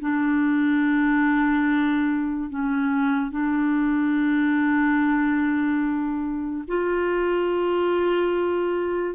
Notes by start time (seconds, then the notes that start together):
0.00 D4
2.50 C#4
3.31 D4
6.67 F4